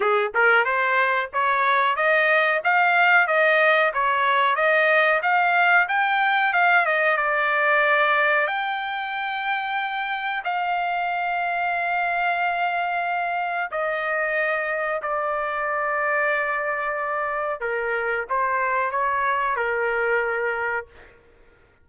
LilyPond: \new Staff \with { instrumentName = "trumpet" } { \time 4/4 \tempo 4 = 92 gis'8 ais'8 c''4 cis''4 dis''4 | f''4 dis''4 cis''4 dis''4 | f''4 g''4 f''8 dis''8 d''4~ | d''4 g''2. |
f''1~ | f''4 dis''2 d''4~ | d''2. ais'4 | c''4 cis''4 ais'2 | }